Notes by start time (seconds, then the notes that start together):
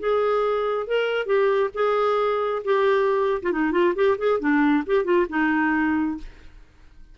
0.00 G#4
0.88 A#4
1.26 G4
1.74 G#4
2.65 G4
3.43 F4
3.52 D#4
3.72 F4
3.95 G4
4.18 G#4
4.40 D4
4.87 G4
5.05 F4
5.30 D#4